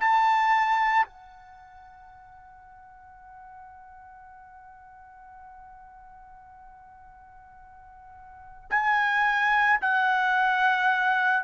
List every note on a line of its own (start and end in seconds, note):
0.00 1.06 A5
1.06 8.70 F#5
8.70 9.79 G#5
9.81 11.43 F#5